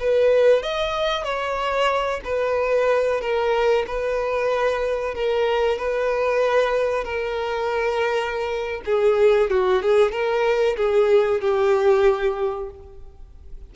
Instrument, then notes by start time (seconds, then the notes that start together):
violin
0.00 B4
0.63 D#5
1.24 C#5
2.24 B4
3.21 A#4
3.87 B4
5.15 A#4
5.79 B4
7.04 A#4
8.86 G#4
9.50 F#4
9.83 G#4
10.12 A#4
10.77 G#4
11.41 G4